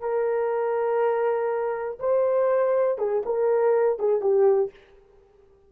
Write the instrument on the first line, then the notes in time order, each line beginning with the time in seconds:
horn
0.00 A#4
1.99 C5
2.98 G#4
3.25 A#4
3.99 G#4
4.21 G4